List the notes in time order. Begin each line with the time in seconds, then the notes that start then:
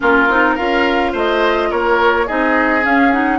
0.00 A#3 C#4 F4 A#4
0.28 C4 D#4
0.55 C#4 F4 A#4 F5
1.12 A3 C5 D#5
1.70 A#3 A#4 C#5
2.26 C4 D#4 G#4 D#5
2.82 C#4 F5
3.11 D#4 F#5